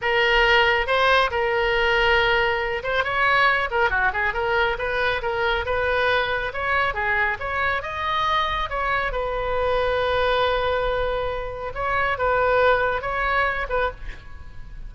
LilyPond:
\new Staff \with { instrumentName = "oboe" } { \time 4/4 \tempo 4 = 138 ais'2 c''4 ais'4~ | ais'2~ ais'8 c''8 cis''4~ | cis''8 ais'8 fis'8 gis'8 ais'4 b'4 | ais'4 b'2 cis''4 |
gis'4 cis''4 dis''2 | cis''4 b'2.~ | b'2. cis''4 | b'2 cis''4. b'8 | }